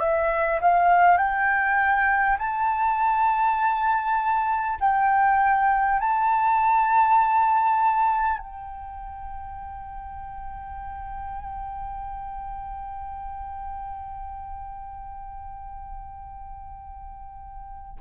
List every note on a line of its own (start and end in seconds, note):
0.00 0.60 E5
0.61 1.17 F5
1.17 2.37 G5
2.39 4.79 A5
4.81 6.00 G5
6.00 8.38 A5
8.38 17.98 G5